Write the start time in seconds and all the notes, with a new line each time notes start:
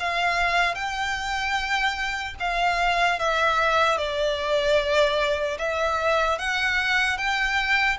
0.00 F5
0.75 G5
2.40 F5
3.20 E5
3.98 D5
5.59 E5
6.39 F#5
7.18 G5